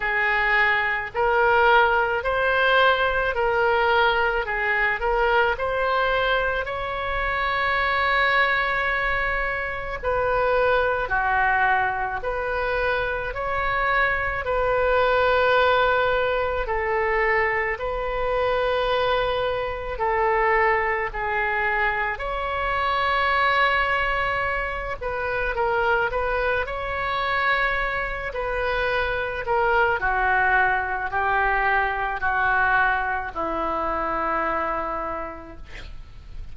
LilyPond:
\new Staff \with { instrumentName = "oboe" } { \time 4/4 \tempo 4 = 54 gis'4 ais'4 c''4 ais'4 | gis'8 ais'8 c''4 cis''2~ | cis''4 b'4 fis'4 b'4 | cis''4 b'2 a'4 |
b'2 a'4 gis'4 | cis''2~ cis''8 b'8 ais'8 b'8 | cis''4. b'4 ais'8 fis'4 | g'4 fis'4 e'2 | }